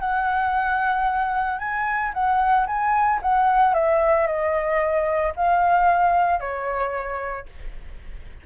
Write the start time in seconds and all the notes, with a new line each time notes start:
0.00 F#5
1.59 G#5
2.13 F#5
2.67 G#5
3.22 F#5
3.74 E5
4.27 D#5
5.36 F5
6.40 C#5